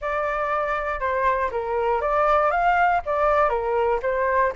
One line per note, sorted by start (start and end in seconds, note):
0.01 1.00 D5
1.00 1.50 C5
1.51 2.01 A#4
2.01 2.50 D5
2.50 3.01 F5
3.05 3.49 D5
3.49 3.99 A#4
4.02 4.52 C5